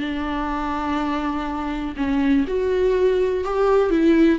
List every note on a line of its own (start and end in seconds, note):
0.00 1.95 D4
1.97 2.45 C#4
2.48 3.45 F#4
3.45 3.90 G4
3.90 4.39 E4